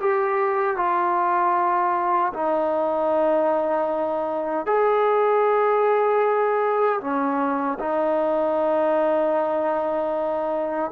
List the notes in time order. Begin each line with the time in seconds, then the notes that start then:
0.00 G4
0.77 F4
2.33 D#4
4.66 G#4
7.00 C#4
7.79 D#4